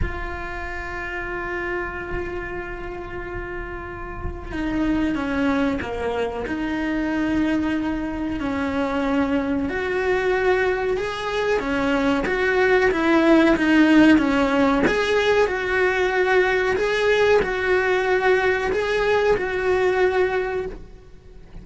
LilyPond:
\new Staff \with { instrumentName = "cello" } { \time 4/4 \tempo 4 = 93 f'1~ | f'2. dis'4 | cis'4 ais4 dis'2~ | dis'4 cis'2 fis'4~ |
fis'4 gis'4 cis'4 fis'4 | e'4 dis'4 cis'4 gis'4 | fis'2 gis'4 fis'4~ | fis'4 gis'4 fis'2 | }